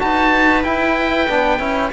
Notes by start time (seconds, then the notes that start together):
0.00 D#4 F#4 B4 A5
0.64 E4 G5
1.28 B3 D4
1.59 C#4 E4